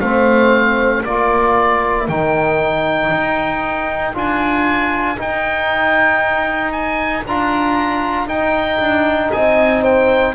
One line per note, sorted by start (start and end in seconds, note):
0.00 1.05 A3
0.00 1.05 C4
0.00 1.04 C5
0.00 1.03 F5
1.04 2.08 A#3
1.04 2.10 F4
1.04 9.31 A#4
1.04 2.08 D5
2.08 3.11 D#3
2.08 4.14 D#4
2.08 4.15 G5
3.11 4.14 D#4
4.14 5.18 D4
4.14 5.17 F4
4.14 5.21 G#5
5.17 7.24 D#4
5.17 7.26 D#4
5.17 6.72 G5
6.72 7.24 G#5
7.26 8.27 D4
7.26 8.28 F4
7.26 8.29 A#5
8.27 8.79 D#4
8.27 10.35 D#4
8.27 9.32 G5
8.80 9.31 D4
9.32 10.35 C4
9.32 9.82 D#5
9.32 9.84 G#5
9.82 10.34 C5
9.82 10.35 G5